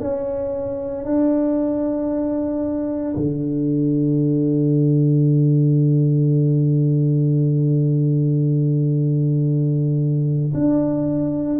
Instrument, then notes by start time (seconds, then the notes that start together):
tuba
0.00 C#4
1.04 D4
3.17 D3
10.54 D4